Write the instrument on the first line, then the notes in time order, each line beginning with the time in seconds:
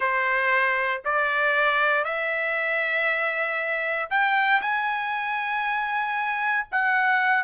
trumpet
0.00 C5
1.04 D5
2.04 E5
4.10 G5
4.61 G#5
6.71 F#5